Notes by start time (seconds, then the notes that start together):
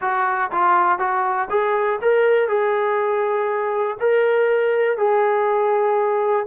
0.01 F#4
0.51 F4
0.98 F#4
1.50 G#4
2.01 A#4
2.48 G#4
3.99 A#4
4.97 G#4